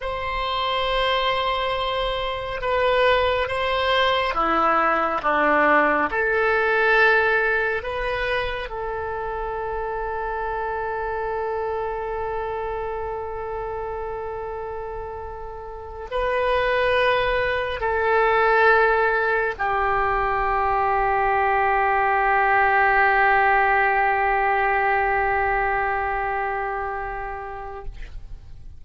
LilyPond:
\new Staff \with { instrumentName = "oboe" } { \time 4/4 \tempo 4 = 69 c''2. b'4 | c''4 e'4 d'4 a'4~ | a'4 b'4 a'2~ | a'1~ |
a'2~ a'8 b'4.~ | b'8 a'2 g'4.~ | g'1~ | g'1 | }